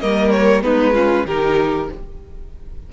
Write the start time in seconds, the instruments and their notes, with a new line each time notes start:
0.00 cello G3, viola A#3, violin A#4 D#5
0.30 violin C#5
0.62 cello G#3, viola B3, violin D#4 B4
0.94 viola C#4, violin F4
1.25 cello D#3, viola D#4, violin G4 A#4